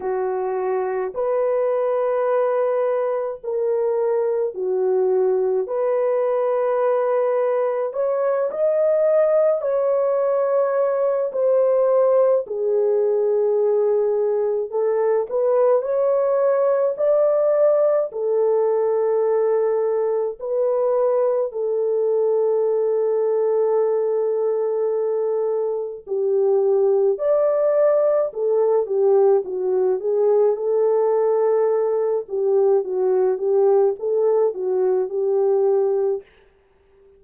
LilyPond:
\new Staff \with { instrumentName = "horn" } { \time 4/4 \tempo 4 = 53 fis'4 b'2 ais'4 | fis'4 b'2 cis''8 dis''8~ | dis''8 cis''4. c''4 gis'4~ | gis'4 a'8 b'8 cis''4 d''4 |
a'2 b'4 a'4~ | a'2. g'4 | d''4 a'8 g'8 fis'8 gis'8 a'4~ | a'8 g'8 fis'8 g'8 a'8 fis'8 g'4 | }